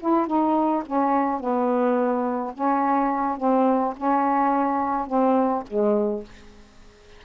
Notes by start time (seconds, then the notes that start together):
0.00 E4
0.27 D#4
0.86 C#4
1.40 B3
2.54 C#4
3.37 C4
3.96 C#4
5.07 C4
5.68 G#3